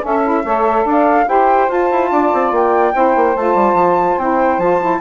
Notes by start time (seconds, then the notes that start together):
0.00 C#4 A4 E5
0.23 E4
0.43 A3 A4 C#5
0.84 D4 D5
0.90 F5
1.26 E4 G4 C5 G5
1.68 F4 A5
1.91 E4
2.11 D4 D5
2.33 C4
2.51 A#3 G5
2.93 C4 E4 C5
3.16 A#3
3.36 A3 F4 A5
3.54 G3
3.73 F3
4.18 C4 E4 G5
4.57 F3 F4 A5
4.80 E4